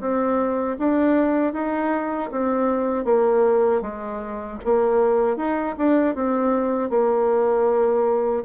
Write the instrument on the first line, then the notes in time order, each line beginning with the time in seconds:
bassoon
0.00 C4
0.79 D4
1.53 D#4
2.31 C4
3.05 A#3
3.81 G#3
4.64 A#3
5.36 D#4
5.78 D4
6.15 C4
6.90 A#3